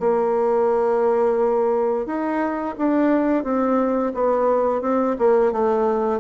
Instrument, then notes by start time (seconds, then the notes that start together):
bassoon
0.00 A#3
2.06 D#4
2.78 D4
3.44 C4
4.14 B3
4.82 C4
5.18 A#3
5.52 A3